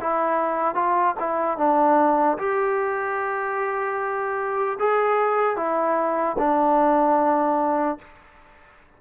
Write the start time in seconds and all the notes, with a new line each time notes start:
0.00 E4
0.75 F4
1.19 E4
1.57 D4
2.38 G4
4.79 G#4
5.56 E4
6.38 D4